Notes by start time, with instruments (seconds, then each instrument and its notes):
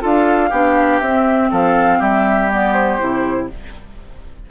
0.00 bassoon D4, clarinet F4, oboe A4, flute F5
0.50 bassoon B3, clarinet D4, oboe G4
1.00 bassoon C4, clarinet C4, flute E5
1.51 bassoon F3, oboe A4, flute F5
1.99 bassoon G3, oboe G4, flute E5
2.51 clarinet B3, flute D5
2.73 flute C5
2.99 bassoon C3, clarinet E4